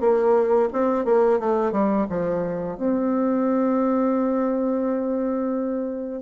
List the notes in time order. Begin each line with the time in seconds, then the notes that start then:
0.00 A#3
0.72 C4
1.05 A#3
1.39 A3
1.72 G3
2.09 F3
2.77 C4